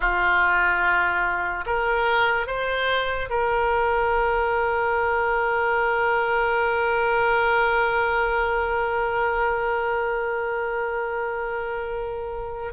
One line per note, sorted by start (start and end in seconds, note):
0.00 1.64 F4
1.66 2.47 A#4
2.47 3.29 C5
3.29 12.73 A#4